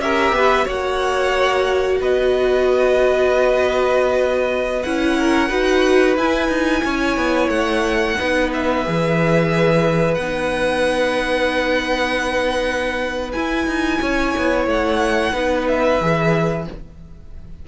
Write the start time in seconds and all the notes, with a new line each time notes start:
0.00 C#4 G4 A#4 E5
0.32 B3 B4
0.65 A#3 F#4 C#5 F#5
2.00 B3 B4 D#5
4.83 C#4 E4 F#5
5.19 A#4
5.48 D#4 F#4 B4
6.17 E4 G#5
6.49 D#4
6.84 C#4 C#5
7.17 B3
7.48 A3 F#5
8.18 B3 D#4 B4
8.53 E5
8.84 E3 G#4
10.14 B3 F#5
10.22 D#4
13.32 E4 G#5
13.67 D#4
14.01 C#4 C#5
14.37 B3
14.66 A3 F#5
15.32 B3 D#4 B4
15.67 E5
16.00 E3 G#4